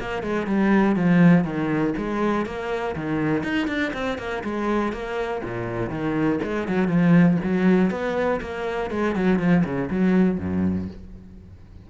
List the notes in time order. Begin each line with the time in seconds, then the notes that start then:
0.00 A#3
0.23 G#3
0.47 G3
0.96 F3
1.44 D#3
1.98 G#3
2.46 A#3
2.96 D#3
3.43 D#4
3.68 D4
3.94 C4
4.19 A#3
4.44 G#3
4.93 A#3
5.44 A#2
5.90 D#3
6.43 G#3
6.68 F#3
6.88 F3
7.44 F#3
7.91 B3
8.41 A#3
8.91 G#3
9.16 F#3
9.39 F3
9.65 C#3
9.90 F#3
10.39 F#2